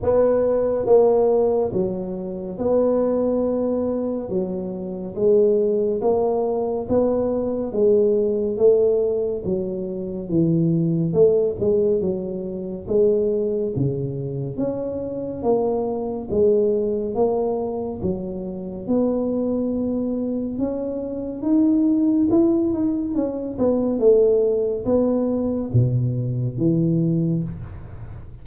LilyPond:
\new Staff \with { instrumentName = "tuba" } { \time 4/4 \tempo 4 = 70 b4 ais4 fis4 b4~ | b4 fis4 gis4 ais4 | b4 gis4 a4 fis4 | e4 a8 gis8 fis4 gis4 |
cis4 cis'4 ais4 gis4 | ais4 fis4 b2 | cis'4 dis'4 e'8 dis'8 cis'8 b8 | a4 b4 b,4 e4 | }